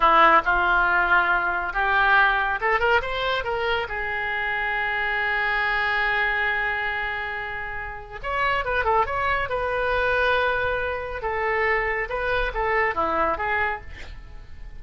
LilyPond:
\new Staff \with { instrumentName = "oboe" } { \time 4/4 \tempo 4 = 139 e'4 f'2. | g'2 a'8 ais'8 c''4 | ais'4 gis'2.~ | gis'1~ |
gis'2. cis''4 | b'8 a'8 cis''4 b'2~ | b'2 a'2 | b'4 a'4 e'4 gis'4 | }